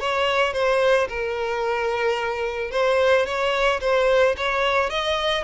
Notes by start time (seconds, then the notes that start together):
0.00 C#5
0.53 C5
1.09 A#4
2.71 C5
3.26 C#5
3.81 C5
4.37 C#5
4.90 D#5